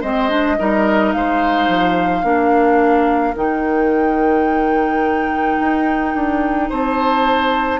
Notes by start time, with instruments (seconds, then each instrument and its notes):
0.00 bassoon G#3, clarinet C4, oboe C5, flute D#5
0.29 clarinet D4
0.58 bassoon G3, clarinet D#4, oboe A#4
1.12 bassoon G#3, oboe C5, flute F5
1.68 bassoon F3
2.23 bassoon A#3, clarinet D4, oboe A#4
3.35 bassoon D#3, clarinet D#4, flute G5
5.59 bassoon D#4
6.14 bassoon D4
6.69 bassoon C4, oboe C5, flute A5